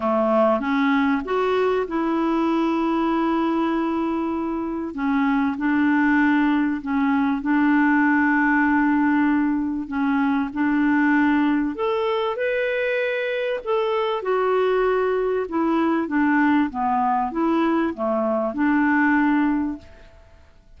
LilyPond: \new Staff \with { instrumentName = "clarinet" } { \time 4/4 \tempo 4 = 97 a4 cis'4 fis'4 e'4~ | e'1 | cis'4 d'2 cis'4 | d'1 |
cis'4 d'2 a'4 | b'2 a'4 fis'4~ | fis'4 e'4 d'4 b4 | e'4 a4 d'2 | }